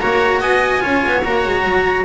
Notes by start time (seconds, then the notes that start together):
0.00 A#3 F#4 C#5 A#5
0.41 B3 D#5 G#5
0.81 C#4 F4 C#5
1.06 B3
1.25 A#3 F#4 A#5
1.46 G#3
1.65 F#3